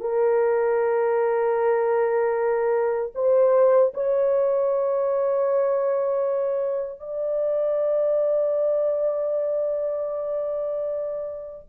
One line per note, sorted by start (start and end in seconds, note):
0.00 3.12 A#4
3.15 3.92 C5
3.94 6.99 C#5
6.99 11.67 D5